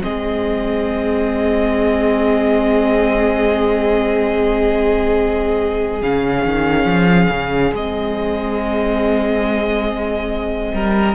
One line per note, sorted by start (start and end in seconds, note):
0.00 6.01 G#3
0.00 6.00 C4
0.00 10.74 G#4
0.00 6.01 D#5
6.01 6.44 C#3
6.01 7.74 C#4
6.01 7.73 F5
6.45 6.85 D#3
6.85 7.28 F3
7.29 7.72 C#3
7.72 10.72 G#3
7.72 11.14 C4
7.72 11.14 D#5
10.73 11.14 G3
10.73 11.14 A#4